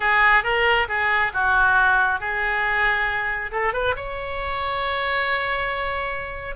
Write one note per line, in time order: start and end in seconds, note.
0.00 0.43 G#4
0.43 0.87 A#4
0.88 1.32 G#4
1.33 2.20 F#4
2.20 3.51 G#4
3.51 3.73 A4
3.73 3.95 B4
3.96 6.55 C#5